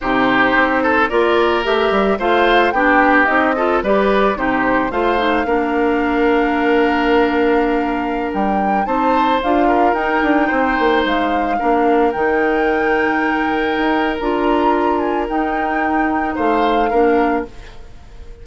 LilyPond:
<<
  \new Staff \with { instrumentName = "flute" } { \time 4/4 \tempo 4 = 110 c''2 d''4 e''4 | f''4 g''4 dis''4 d''4 | c''4 f''2.~ | f''2.~ f''16 g''8.~ |
g''16 a''4 f''4 g''4.~ g''16~ | g''16 f''2 g''4.~ g''16~ | g''2 ais''4. gis''8 | g''2 f''2 | }
  \new Staff \with { instrumentName = "oboe" } { \time 4/4 g'4. a'8 ais'2 | c''4 g'4. a'8 b'4 | g'4 c''4 ais'2~ | ais'1~ |
ais'16 c''4. ais'4. c''8.~ | c''4~ c''16 ais'2~ ais'8.~ | ais'1~ | ais'2 c''4 ais'4 | }
  \new Staff \with { instrumentName = "clarinet" } { \time 4/4 dis'2 f'4 g'4 | f'4 d'4 dis'8 f'8 g'4 | dis'4 f'8 dis'8 d'2~ | d'1~ |
d'16 dis'4 f'4 dis'4.~ dis'16~ | dis'4~ dis'16 d'4 dis'4.~ dis'16~ | dis'2 f'2 | dis'2. d'4 | }
  \new Staff \with { instrumentName = "bassoon" } { \time 4/4 c4 c'4 ais4 a8 g8 | a4 b4 c'4 g4 | c4 a4 ais2~ | ais2.~ ais16 g8.~ |
g16 c'4 d'4 dis'8 d'8 c'8 ais16~ | ais16 gis4 ais4 dis4.~ dis16~ | dis4~ dis16 dis'8. d'2 | dis'2 a4 ais4 | }
>>